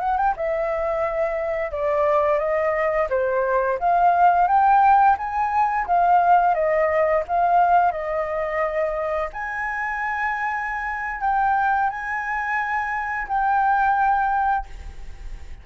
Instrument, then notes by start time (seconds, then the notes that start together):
flute
0.00 F#5
0.17 G5
0.37 E5
1.72 D5
2.39 D#5
3.10 C5
3.79 F5
4.48 G5
5.18 G#5
5.87 F5
6.55 D#5
7.28 F5
7.92 D#5
9.33 G#5
11.21 G5
11.90 G#5
13.28 G5